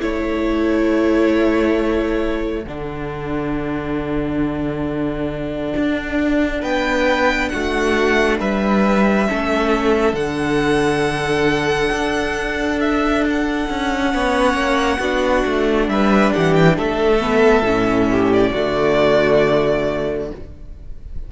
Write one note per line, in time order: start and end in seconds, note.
0.00 2.65 A3
0.00 2.65 E4
0.00 6.62 A4
0.00 2.67 C#5
2.65 5.74 D3
2.65 9.27 D4
2.65 6.64 F#5
5.77 6.63 D4
6.62 7.51 B3
6.62 7.50 B4
6.62 7.49 G5
7.49 8.40 A3
7.49 8.40 F#4
7.49 8.37 F#5
8.40 9.28 G3
8.40 9.28 B4
8.40 10.15 E5
9.27 10.13 A3
9.27 10.15 C#4
9.27 14.15 A4
10.13 11.90 D3
10.13 14.11 D4
10.13 12.80 F#5
11.91 13.68 D4
12.81 13.25 E5
13.30 15.89 F#5
13.70 14.14 C#4
14.11 14.54 B3
14.11 14.99 C#4
14.11 14.99 C#5
14.54 14.98 A#3
14.99 15.44 B3
14.99 17.20 D4
14.99 15.88 F#4
15.46 15.89 A3
15.89 16.33 G3
15.89 16.34 B4
15.89 16.33 E5
16.33 16.78 E3
16.33 16.77 G4
16.33 16.54 F#5
16.54 16.76 G5
16.77 17.62 A3
16.77 18.10 A4
16.77 18.33 E5
17.20 17.64 B3
17.62 18.51 A2
17.62 18.54 C#4
18.12 18.52 G4
18.33 20.31 D5
18.52 20.31 D3
18.52 20.32 A3
18.52 20.29 F#4